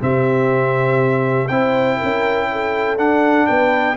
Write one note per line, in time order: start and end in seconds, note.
0.00 1.49 C3
0.00 1.49 C4
0.00 1.49 G4
0.00 1.48 E5
1.48 1.99 C4
1.48 2.97 E4
1.48 1.98 C5
1.48 2.96 G5
1.98 2.97 C#4
1.98 2.47 A#4
2.51 3.48 A4
2.97 3.96 D4
2.97 3.47 D4
2.97 3.46 F#5
3.46 3.97 B3
3.46 3.97 B4
3.46 3.96 G5